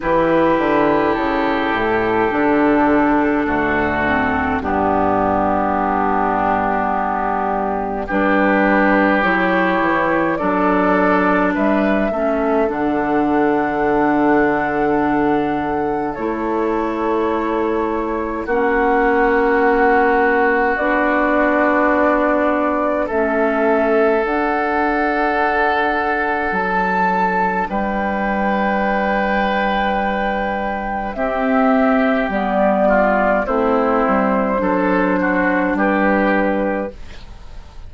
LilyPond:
<<
  \new Staff \with { instrumentName = "flute" } { \time 4/4 \tempo 4 = 52 b'4 a'2. | g'2. b'4 | cis''4 d''4 e''4 fis''4~ | fis''2 cis''2 |
fis''2 d''2 | e''4 fis''2 a''4 | g''2. e''4 | d''4 c''2 b'4 | }
  \new Staff \with { instrumentName = "oboe" } { \time 4/4 g'2. fis'4 | d'2. g'4~ | g'4 a'4 b'8 a'4.~ | a'1 |
fis'1 | a'1 | b'2. g'4~ | g'8 f'8 e'4 a'8 fis'8 g'4 | }
  \new Staff \with { instrumentName = "clarinet" } { \time 4/4 e'2 d'4. c'8 | b2. d'4 | e'4 d'4. cis'8 d'4~ | d'2 e'2 |
cis'2 d'2 | cis'4 d'2.~ | d'2. c'4 | b4 c'4 d'2 | }
  \new Staff \with { instrumentName = "bassoon" } { \time 4/4 e8 d8 cis8 a,8 d4 d,4 | g,2. g4 | fis8 e8 fis4 g8 a8 d4~ | d2 a2 |
ais2 b2 | a4 d'2 fis4 | g2. c'4 | g4 a8 g8 fis4 g4 | }
>>